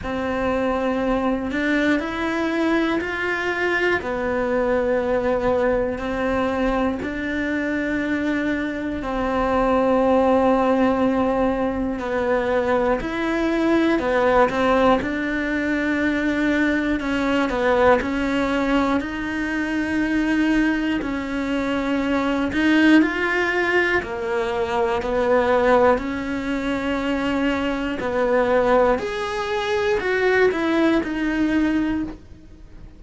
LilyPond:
\new Staff \with { instrumentName = "cello" } { \time 4/4 \tempo 4 = 60 c'4. d'8 e'4 f'4 | b2 c'4 d'4~ | d'4 c'2. | b4 e'4 b8 c'8 d'4~ |
d'4 cis'8 b8 cis'4 dis'4~ | dis'4 cis'4. dis'8 f'4 | ais4 b4 cis'2 | b4 gis'4 fis'8 e'8 dis'4 | }